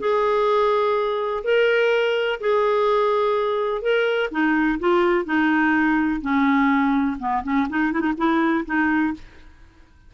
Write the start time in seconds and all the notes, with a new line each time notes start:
0.00 G#4
1.44 A#4
2.41 G#4
3.82 A#4
4.31 D#4
4.80 F4
5.25 D#4
6.22 C#4
7.20 B3
7.44 C#4
7.70 D#4
7.93 E4
8.01 D#4
8.18 E4
8.66 D#4